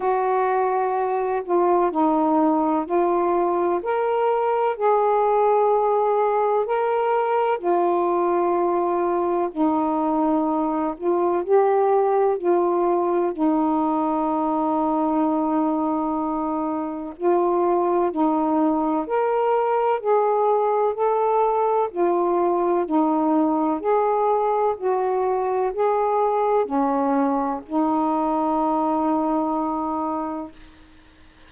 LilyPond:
\new Staff \with { instrumentName = "saxophone" } { \time 4/4 \tempo 4 = 63 fis'4. f'8 dis'4 f'4 | ais'4 gis'2 ais'4 | f'2 dis'4. f'8 | g'4 f'4 dis'2~ |
dis'2 f'4 dis'4 | ais'4 gis'4 a'4 f'4 | dis'4 gis'4 fis'4 gis'4 | cis'4 dis'2. | }